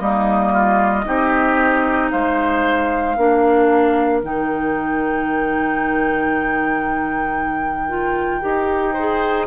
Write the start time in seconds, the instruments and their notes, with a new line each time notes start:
0.00 bassoon G3, clarinet A#3, oboe D#4, flute D#5
0.53 oboe F4
1.05 bassoon C4, clarinet D#4, oboe G4
2.11 bassoon G#3, oboe C5, flute F5
3.17 bassoon A#3, clarinet D4, oboe A#4
4.23 bassoon D#3, clarinet D#4, flute G5
7.89 clarinet F4
8.41 bassoon D#4, clarinet G4
8.94 clarinet G#4, oboe C5